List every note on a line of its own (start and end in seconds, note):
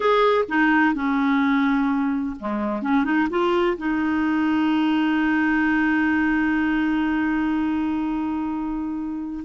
0.00 0.45 G#4
0.48 0.94 D#4
0.94 2.36 C#4
2.39 2.82 G#3
2.82 3.04 C#4
3.04 3.28 D#4
3.30 3.77 F4
3.77 9.44 D#4